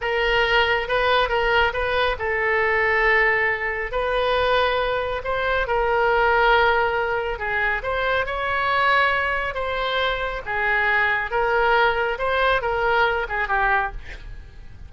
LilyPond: \new Staff \with { instrumentName = "oboe" } { \time 4/4 \tempo 4 = 138 ais'2 b'4 ais'4 | b'4 a'2.~ | a'4 b'2. | c''4 ais'2.~ |
ais'4 gis'4 c''4 cis''4~ | cis''2 c''2 | gis'2 ais'2 | c''4 ais'4. gis'8 g'4 | }